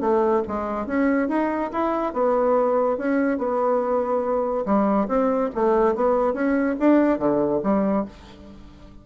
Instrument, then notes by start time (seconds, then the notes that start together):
bassoon
0.00 A3
0.47 G#3
0.86 C#4
1.28 D#4
1.72 E4
2.13 B3
2.97 C#4
3.38 B3
4.65 G3
5.07 C4
5.54 A3
5.95 B3
6.33 C#4
6.79 D4
7.18 D3
7.63 G3